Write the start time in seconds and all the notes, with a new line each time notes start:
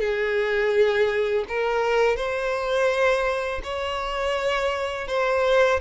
0.00 G#4
1.49 A#4
2.17 C5
3.63 C#5
5.08 C5